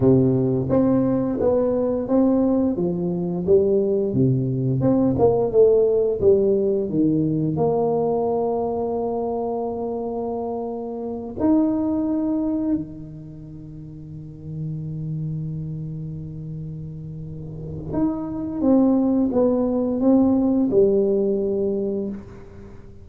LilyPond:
\new Staff \with { instrumentName = "tuba" } { \time 4/4 \tempo 4 = 87 c4 c'4 b4 c'4 | f4 g4 c4 c'8 ais8 | a4 g4 dis4 ais4~ | ais1~ |
ais8 dis'2 dis4.~ | dis1~ | dis2 dis'4 c'4 | b4 c'4 g2 | }